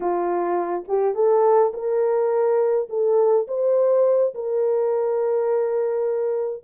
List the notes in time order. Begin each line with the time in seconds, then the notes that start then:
0.00 F4
0.88 G4
1.14 A4
1.73 A#4
2.89 A4
3.47 C5
4.34 A#4